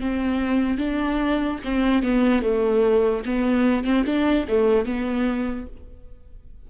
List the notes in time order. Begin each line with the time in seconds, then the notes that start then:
0.00 C4
0.78 D4
1.64 C4
2.02 B3
2.42 A3
3.25 B3
3.84 C4
4.06 D4
4.48 A3
4.85 B3